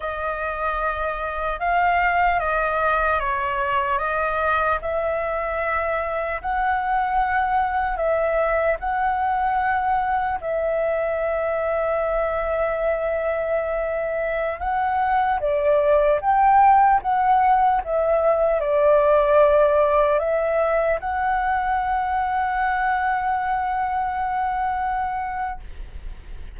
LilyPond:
\new Staff \with { instrumentName = "flute" } { \time 4/4 \tempo 4 = 75 dis''2 f''4 dis''4 | cis''4 dis''4 e''2 | fis''2 e''4 fis''4~ | fis''4 e''2.~ |
e''2~ e''16 fis''4 d''8.~ | d''16 g''4 fis''4 e''4 d''8.~ | d''4~ d''16 e''4 fis''4.~ fis''16~ | fis''1 | }